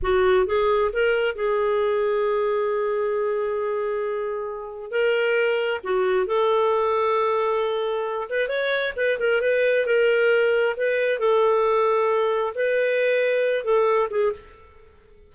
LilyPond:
\new Staff \with { instrumentName = "clarinet" } { \time 4/4 \tempo 4 = 134 fis'4 gis'4 ais'4 gis'4~ | gis'1~ | gis'2. ais'4~ | ais'4 fis'4 a'2~ |
a'2~ a'8 b'8 cis''4 | b'8 ais'8 b'4 ais'2 | b'4 a'2. | b'2~ b'8 a'4 gis'8 | }